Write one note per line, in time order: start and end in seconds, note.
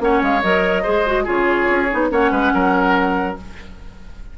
0.00 0.21 A#3
0.00 0.42 C#4
0.00 0.83 C#5
0.00 0.23 F#5
0.23 0.43 G#3
0.23 0.42 F5
0.42 0.85 F#3
0.42 0.84 A#4
0.42 1.26 D#5
0.83 1.28 G#3
0.83 1.05 G#4
0.83 1.24 C5
1.06 1.25 F#4
1.24 1.70 C#3
1.24 1.88 F4
1.24 2.08 G#4
1.24 2.11 C#5
1.70 1.91 C#4
1.91 2.11 B3
1.91 2.11 D#4
2.11 2.31 A#3
2.11 3.36 C#4
2.11 2.31 C#5
2.11 3.37 F#5
2.31 2.52 G#3
2.31 2.52 B4
2.54 3.38 F#3
2.54 3.38 A#4